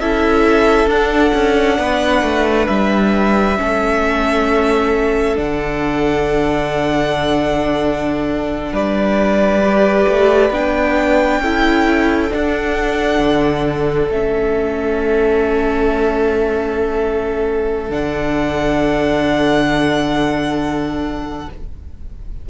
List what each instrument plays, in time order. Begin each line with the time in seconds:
0.00 cello C#4, viola E4, violin A4 E5
0.86 cello D4, viola D4, violin F#5
1.34 cello C#4
1.79 cello B3, violin B4
2.23 cello A3
2.67 cello G3, violin E5
3.57 cello A3, viola C#4, violin A4
5.36 cello D3, viola D4, violin F#5
8.72 cello G3, violin B4 D5
9.64 viola G4
10.08 cello A3
10.50 cello B3, viola D4, violin G5
11.40 cello C#4, viola E4, violin A4
12.30 viola D4, cello D4, violin F#5
13.19 cello D3
14.10 cello A3, viola C#4, violin E5
17.90 cello D3, viola D4, violin F#5